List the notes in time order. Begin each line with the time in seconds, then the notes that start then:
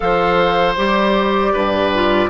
0.00 F3 A4 C5 F5
0.77 G3 G4 D5
1.52 G2 B4
1.94 F4